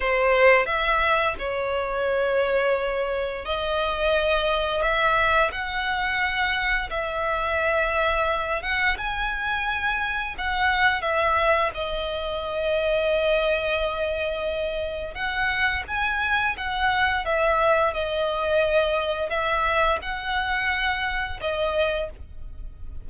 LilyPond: \new Staff \with { instrumentName = "violin" } { \time 4/4 \tempo 4 = 87 c''4 e''4 cis''2~ | cis''4 dis''2 e''4 | fis''2 e''2~ | e''8 fis''8 gis''2 fis''4 |
e''4 dis''2.~ | dis''2 fis''4 gis''4 | fis''4 e''4 dis''2 | e''4 fis''2 dis''4 | }